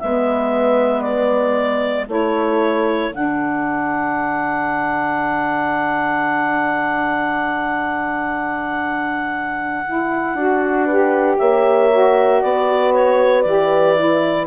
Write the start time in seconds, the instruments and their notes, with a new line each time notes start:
0.00 bassoon G#3, saxophone B3, horn B4, clarinet E5
1.02 clarinet D5
2.07 bassoon A3, saxophone E4, horn A4, clarinet C#5
3.11 bassoon D3, saxophone D4, clarinet F#5
9.86 saxophone E4
10.33 bassoon D4, saxophone F#4
10.85 saxophone G4, horn B4
11.38 bassoon A#3, horn C#5, clarinet E5
11.91 saxophone F#4
12.41 bassoon B3, horn B4, clarinet D5
12.94 clarinet C#5
13.42 bassoon E3, saxophone G4, clarinet D5
13.97 saxophone E4